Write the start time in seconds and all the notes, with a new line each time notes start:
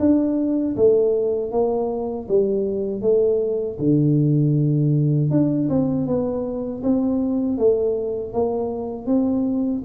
0.00 D4
0.76 A3
1.52 A#3
2.28 G3
3.01 A3
3.79 D3
5.31 D4
5.70 C4
6.07 B3
6.83 C4
7.58 A3
8.33 A#3
9.07 C4